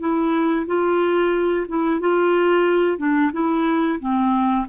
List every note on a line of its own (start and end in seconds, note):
0.00 0.67 E4
0.67 1.67 F4
1.68 2.00 E4
2.00 2.98 F4
2.98 3.32 D4
3.33 3.99 E4
4.00 4.67 C4